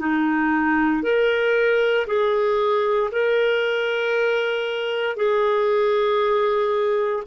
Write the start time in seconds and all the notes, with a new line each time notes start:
0.00 D#4
1.03 A#4
2.07 G#4
3.12 A#4
5.17 G#4